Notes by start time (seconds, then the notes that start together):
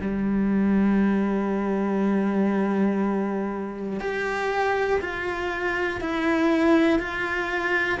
0.00 G3
4.00 G4
5.00 F4
6.00 E4
6.99 F4